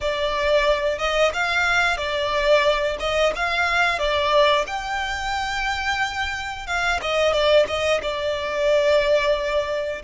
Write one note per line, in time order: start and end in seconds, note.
0.00 0.98 D5
0.98 1.31 D#5
1.33 1.97 F5
1.97 2.97 D5
2.99 3.32 D#5
3.35 3.98 F5
3.98 4.65 D5
4.66 6.66 G5
6.66 7.00 F5
7.01 7.32 D#5
7.32 7.66 D5
7.67 8.00 D#5
8.02 10.02 D5